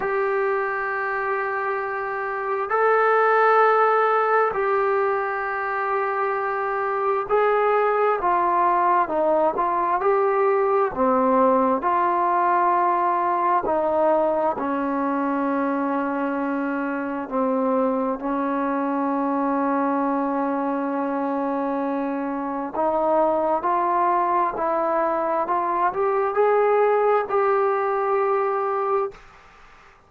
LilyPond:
\new Staff \with { instrumentName = "trombone" } { \time 4/4 \tempo 4 = 66 g'2. a'4~ | a'4 g'2. | gis'4 f'4 dis'8 f'8 g'4 | c'4 f'2 dis'4 |
cis'2. c'4 | cis'1~ | cis'4 dis'4 f'4 e'4 | f'8 g'8 gis'4 g'2 | }